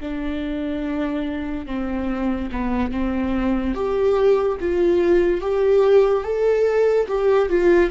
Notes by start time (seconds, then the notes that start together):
0.00 D4
1.66 C4
2.51 B3
2.91 C4
3.74 G4
4.60 F4
5.41 G4
6.23 A4
7.07 G4
7.48 F4